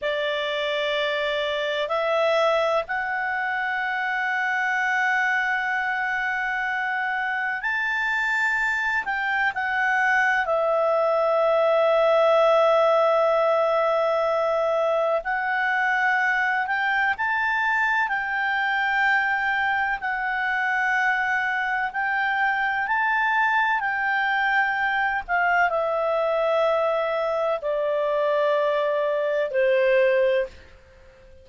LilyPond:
\new Staff \with { instrumentName = "clarinet" } { \time 4/4 \tempo 4 = 63 d''2 e''4 fis''4~ | fis''1 | a''4. g''8 fis''4 e''4~ | e''1 |
fis''4. g''8 a''4 g''4~ | g''4 fis''2 g''4 | a''4 g''4. f''8 e''4~ | e''4 d''2 c''4 | }